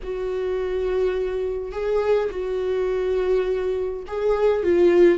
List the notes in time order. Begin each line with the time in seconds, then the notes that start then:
0.03 F#4
1.72 G#4
2.30 F#4
4.07 G#4
4.63 F4